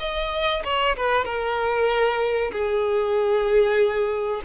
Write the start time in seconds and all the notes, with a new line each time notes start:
0.00 D#5
0.65 C#5
0.97 B4
1.25 A#4
2.52 G#4